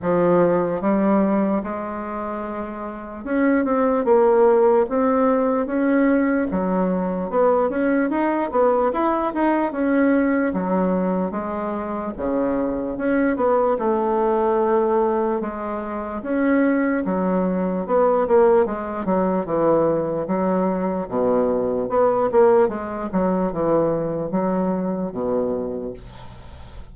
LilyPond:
\new Staff \with { instrumentName = "bassoon" } { \time 4/4 \tempo 4 = 74 f4 g4 gis2 | cis'8 c'8 ais4 c'4 cis'4 | fis4 b8 cis'8 dis'8 b8 e'8 dis'8 | cis'4 fis4 gis4 cis4 |
cis'8 b8 a2 gis4 | cis'4 fis4 b8 ais8 gis8 fis8 | e4 fis4 b,4 b8 ais8 | gis8 fis8 e4 fis4 b,4 | }